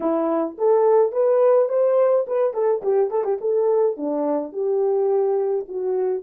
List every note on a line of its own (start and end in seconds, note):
0.00 0.57 E4
0.58 1.12 A4
1.12 1.68 B4
1.69 2.25 C5
2.27 2.53 B4
2.53 2.81 A4
2.82 3.10 G4
3.10 3.24 A4
3.24 3.38 G4
3.40 3.96 A4
3.96 4.52 D4
4.52 5.65 G4
5.68 6.23 F#4